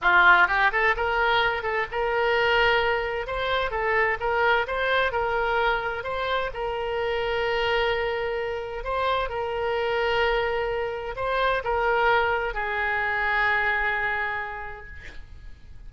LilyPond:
\new Staff \with { instrumentName = "oboe" } { \time 4/4 \tempo 4 = 129 f'4 g'8 a'8 ais'4. a'8 | ais'2. c''4 | a'4 ais'4 c''4 ais'4~ | ais'4 c''4 ais'2~ |
ais'2. c''4 | ais'1 | c''4 ais'2 gis'4~ | gis'1 | }